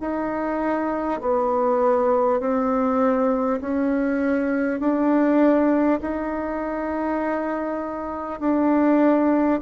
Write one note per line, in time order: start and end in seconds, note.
0.00 1.20 D#4
1.21 2.40 B3
2.40 3.60 C4
3.61 4.79 C#4
4.79 5.99 D4
6.01 8.39 D#4
8.39 9.59 D4